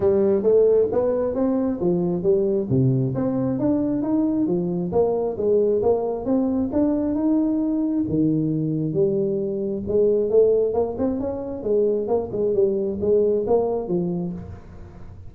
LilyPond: \new Staff \with { instrumentName = "tuba" } { \time 4/4 \tempo 4 = 134 g4 a4 b4 c'4 | f4 g4 c4 c'4 | d'4 dis'4 f4 ais4 | gis4 ais4 c'4 d'4 |
dis'2 dis2 | g2 gis4 a4 | ais8 c'8 cis'4 gis4 ais8 gis8 | g4 gis4 ais4 f4 | }